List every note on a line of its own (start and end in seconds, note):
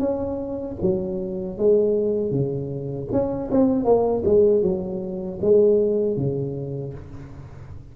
0.00 0.77 C#4
0.82 1.58 F#3
1.58 2.31 G#3
2.31 3.08 C#3
3.12 3.51 C#4
3.52 3.85 C4
3.85 4.23 A#3
4.26 4.63 G#3
4.63 5.40 F#3
5.42 6.17 G#3
6.17 6.94 C#3